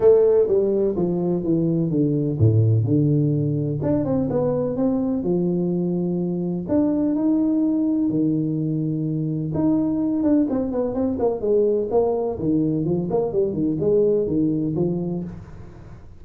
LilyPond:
\new Staff \with { instrumentName = "tuba" } { \time 4/4 \tempo 4 = 126 a4 g4 f4 e4 | d4 a,4 d2 | d'8 c'8 b4 c'4 f4~ | f2 d'4 dis'4~ |
dis'4 dis2. | dis'4. d'8 c'8 b8 c'8 ais8 | gis4 ais4 dis4 f8 ais8 | g8 dis8 gis4 dis4 f4 | }